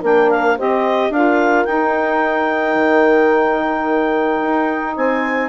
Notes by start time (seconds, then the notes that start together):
0.00 A#3 D4 A#4 G5
0.30 F5
0.56 C4 G4 C5 D#5
1.10 D4 F4 A#4 F5
1.65 D#4 G5
2.75 D#3
4.42 D#4
4.96 C4 C5 G#5